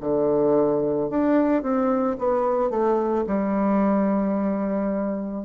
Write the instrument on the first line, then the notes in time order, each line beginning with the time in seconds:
bassoon
0.00 D3
1.10 D4
1.62 C4
2.18 B3
2.70 A3
3.26 G3